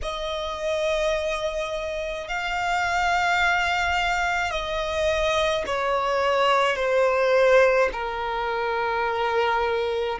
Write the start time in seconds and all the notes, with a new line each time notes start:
0.02 D#5
2.27 F5
4.50 D#5
5.66 C#5
6.76 C5
7.92 A#4